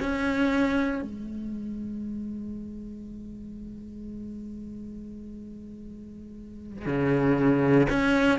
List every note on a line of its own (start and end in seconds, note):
0.00 1.02 C#4
1.02 6.86 G#3
6.86 7.88 C#3
7.90 8.39 C#4